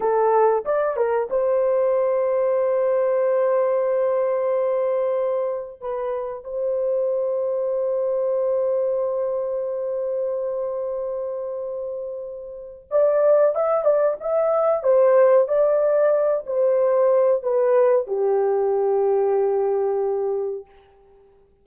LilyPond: \new Staff \with { instrumentName = "horn" } { \time 4/4 \tempo 4 = 93 a'4 d''8 ais'8 c''2~ | c''1~ | c''4 b'4 c''2~ | c''1~ |
c''1 | d''4 e''8 d''8 e''4 c''4 | d''4. c''4. b'4 | g'1 | }